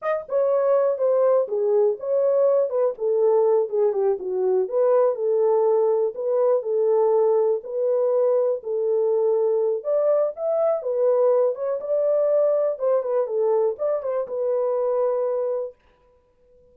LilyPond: \new Staff \with { instrumentName = "horn" } { \time 4/4 \tempo 4 = 122 dis''8 cis''4. c''4 gis'4 | cis''4. b'8 a'4. gis'8 | g'8 fis'4 b'4 a'4.~ | a'8 b'4 a'2 b'8~ |
b'4. a'2~ a'8 | d''4 e''4 b'4. cis''8 | d''2 c''8 b'8 a'4 | d''8 c''8 b'2. | }